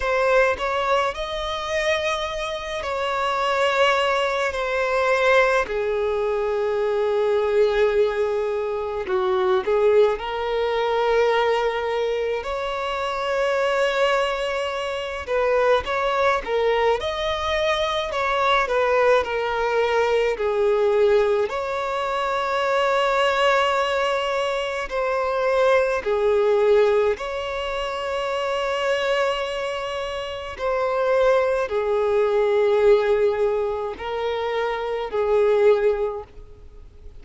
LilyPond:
\new Staff \with { instrumentName = "violin" } { \time 4/4 \tempo 4 = 53 c''8 cis''8 dis''4. cis''4. | c''4 gis'2. | fis'8 gis'8 ais'2 cis''4~ | cis''4. b'8 cis''8 ais'8 dis''4 |
cis''8 b'8 ais'4 gis'4 cis''4~ | cis''2 c''4 gis'4 | cis''2. c''4 | gis'2 ais'4 gis'4 | }